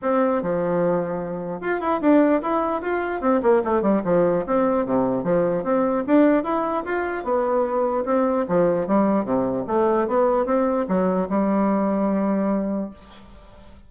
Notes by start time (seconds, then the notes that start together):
0.02 C4
0.42 F3
1.61 F4
1.80 E4
2.01 D4
2.42 E4
2.81 F4
3.21 C4
3.42 A#3
3.64 A3
3.81 G3
4.04 F3
4.46 C4
4.85 C3
5.23 F3
5.63 C4
6.07 D4
6.43 E4
6.85 F4
7.23 B3
8.05 C4
8.48 F3
8.87 G3
9.24 C3
9.67 A3
10.07 B3
10.45 C4
10.88 F#3
11.29 G3